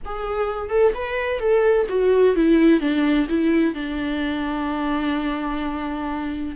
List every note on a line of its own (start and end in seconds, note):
0.05 0.69 G#4
0.69 0.92 A4
0.94 1.39 B4
1.39 1.86 A4
1.89 2.35 F#4
2.35 2.80 E4
2.80 3.27 D4
3.29 3.74 E4
3.74 6.55 D4